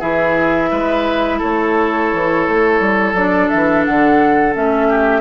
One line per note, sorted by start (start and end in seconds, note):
0.00 0.71 E3
0.00 3.15 E4
0.00 0.70 G#4
0.00 1.41 E5
0.71 1.41 G#3
0.71 1.39 B4
1.39 2.13 A3
1.39 4.88 A4
1.39 3.14 C#5
2.13 2.48 E3
2.48 2.80 A3
2.80 3.14 G3
3.14 3.48 F#3
3.14 4.54 D4
3.14 3.49 D5
3.50 3.87 E3
3.50 3.84 E5
3.85 4.56 D3
3.85 4.55 F#5
4.54 5.21 A3
4.54 5.21 C#4
4.54 5.21 E5
4.89 5.21 G4